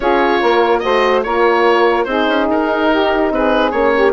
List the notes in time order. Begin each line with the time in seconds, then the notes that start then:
0.00 C#4 F4 G#4 C#5
0.40 A#3 A#4
0.79 A3 F#4 C5 D#5
1.23 A#3 F4 A#4 C#5
2.04 C4 D#4 G#4 C5
2.27 C#4
2.49 D#4 A#4
2.90 G4
3.31 C4 G#4 B4
3.71 A#3 C#4 C#5
3.94 G4